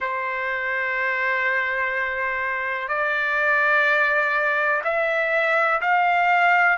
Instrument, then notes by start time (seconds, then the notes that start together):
trumpet
0.00 C5
2.88 D5
4.84 E5
5.81 F5